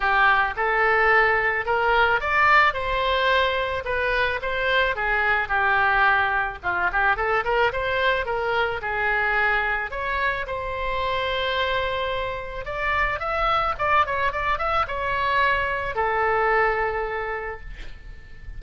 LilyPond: \new Staff \with { instrumentName = "oboe" } { \time 4/4 \tempo 4 = 109 g'4 a'2 ais'4 | d''4 c''2 b'4 | c''4 gis'4 g'2 | f'8 g'8 a'8 ais'8 c''4 ais'4 |
gis'2 cis''4 c''4~ | c''2. d''4 | e''4 d''8 cis''8 d''8 e''8 cis''4~ | cis''4 a'2. | }